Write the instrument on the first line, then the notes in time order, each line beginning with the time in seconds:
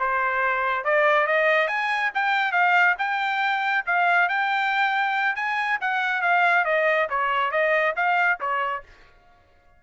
trumpet
0.00 C5
0.85 D5
1.27 D#5
1.68 G#5
2.15 G5
2.52 F5
2.99 G5
3.86 F5
4.29 G5
5.36 G#5
5.81 F#5
6.22 F5
6.65 D#5
7.10 C#5
7.51 D#5
7.96 F5
8.41 C#5